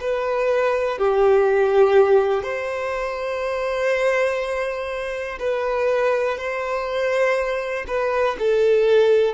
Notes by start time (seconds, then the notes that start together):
0.00 B4
0.98 G4
2.43 C5
5.39 B4
6.37 C5
7.87 B4
8.38 A4